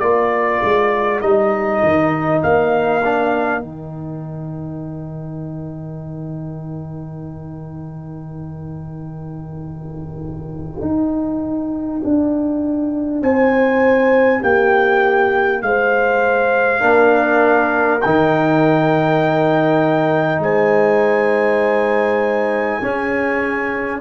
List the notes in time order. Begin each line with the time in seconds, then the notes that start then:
0.00 A#3 F4 A#4 D5
0.64 G#3
1.21 G3 D#4 D#5
1.83 D#3
2.43 A#3 F5
3.04 D4
3.60 D#3 D#4 G5
10.81 D#4
12.04 D4
13.22 C4 C5 G#5
14.41 A#3 G4 G5
15.62 G#3 C5 F5
16.80 A#3 D4 A#4
18.02 D#3 D#4 G5
20.40 G#3 C5 G#5
22.82 C#4 G#4